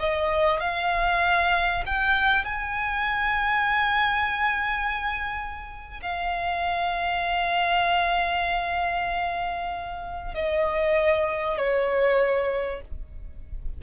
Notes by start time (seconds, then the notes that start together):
0.00 D#5
0.60 F5
1.86 G5
2.45 G#5
6.02 F5
10.35 D#5
11.58 C#5